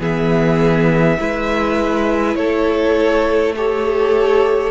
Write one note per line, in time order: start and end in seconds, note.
0.00 1.18 E3
0.00 1.18 B3
0.00 1.18 G#4
0.00 2.36 E5
1.20 2.36 G#3
1.20 3.55 E4
1.20 2.38 B4
2.36 4.71 A3
2.36 3.55 A4
2.36 3.53 C#5
3.57 4.72 G4
3.57 4.72 A4
3.57 4.72 C#5